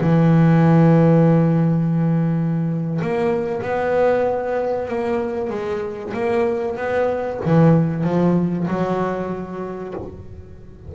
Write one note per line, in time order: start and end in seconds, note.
0.00 3.00 E3
3.01 3.62 A#3
3.62 4.88 B3
4.88 5.49 A#3
5.49 6.13 G#3
6.13 6.77 A#3
6.77 7.40 B3
7.45 8.03 E3
8.03 8.66 F3
8.68 9.94 F#3